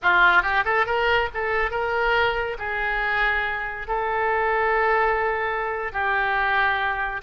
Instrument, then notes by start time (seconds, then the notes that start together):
oboe
0.02 F4
0.42 G4
0.64 A4
0.86 A#4
1.33 A4
1.71 A#4
2.58 G#4
3.87 A4
5.92 G4